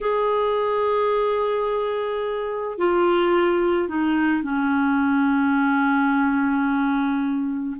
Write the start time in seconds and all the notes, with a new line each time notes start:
0.01 G#4
2.78 F4
3.88 D#4
4.42 C#4